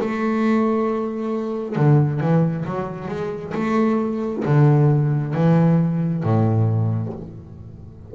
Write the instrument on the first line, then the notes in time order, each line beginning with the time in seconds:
double bass
0.00 A3
1.75 D3
2.20 E3
2.65 F#3
3.08 G#3
3.54 A3
4.45 D3
5.34 E3
6.23 A2